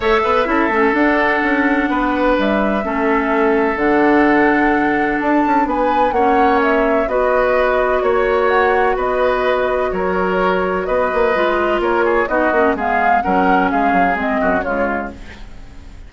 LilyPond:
<<
  \new Staff \with { instrumentName = "flute" } { \time 4/4 \tempo 4 = 127 e''2 fis''2~ | fis''4 e''2. | fis''2. a''4 | gis''4 fis''4 e''4 dis''4~ |
dis''4 cis''4 fis''4 dis''4~ | dis''4 cis''2 dis''4~ | dis''4 cis''4 dis''4 f''4 | fis''4 f''4 dis''4 cis''4 | }
  \new Staff \with { instrumentName = "oboe" } { \time 4/4 cis''8 b'8 a'2. | b'2 a'2~ | a'1 | b'4 cis''2 b'4~ |
b'4 cis''2 b'4~ | b'4 ais'2 b'4~ | b'4 ais'8 gis'8 fis'4 gis'4 | ais'4 gis'4. fis'8 f'4 | }
  \new Staff \with { instrumentName = "clarinet" } { \time 4/4 a'4 e'8 cis'8 d'2~ | d'2 cis'2 | d'1~ | d'4 cis'2 fis'4~ |
fis'1~ | fis'1 | f'2 dis'8 cis'8 b4 | cis'2 c'4 gis4 | }
  \new Staff \with { instrumentName = "bassoon" } { \time 4/4 a8 b8 cis'8 a8 d'4 cis'4 | b4 g4 a2 | d2. d'8 cis'8 | b4 ais2 b4~ |
b4 ais2 b4~ | b4 fis2 b8 ais8 | gis4 ais4 b8 ais8 gis4 | fis4 gis8 fis8 gis8 fis,8 cis4 | }
>>